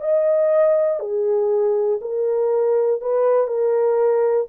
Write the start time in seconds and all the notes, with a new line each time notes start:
0.00 D#5
1.00 G#4
2.00 A#4
3.01 B4
3.47 A#4